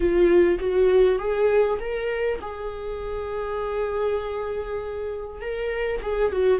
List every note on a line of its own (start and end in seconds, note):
0.00 0.58 F4
0.59 1.18 F#4
1.18 1.78 G#4
1.79 2.39 A#4
2.41 5.41 G#4
5.41 6.01 A#4
6.02 6.32 G#4
6.32 6.59 F#4